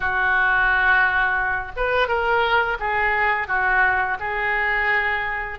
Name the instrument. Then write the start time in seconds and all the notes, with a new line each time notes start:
oboe
0.00 F#4
1.76 B4
2.07 A#4
2.79 G#4
3.47 F#4
4.19 G#4